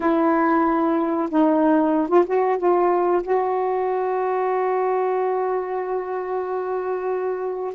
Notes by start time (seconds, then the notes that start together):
0.00 E4
1.30 D#4
2.08 F4
2.26 F#4
2.58 F4
3.23 F#4